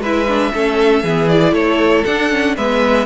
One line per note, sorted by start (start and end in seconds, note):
0.00 0.51 G#3
0.00 0.28 E4
0.00 0.53 B4
0.00 1.29 E5
0.28 0.53 D4
0.54 1.04 A3
0.54 1.05 C#4
0.54 1.03 A4
1.03 1.53 E3
1.03 1.30 B3
1.03 1.54 G#4
1.29 2.06 E4
1.29 1.54 D5
1.53 2.04 A3
1.53 2.55 A4
1.53 2.05 C#5
2.05 2.30 D4
2.05 2.57 D4
2.05 2.56 F#5
2.30 2.56 C#4
2.57 3.06 G#3
2.57 3.06 B3
2.57 3.06 B4
2.57 3.06 E5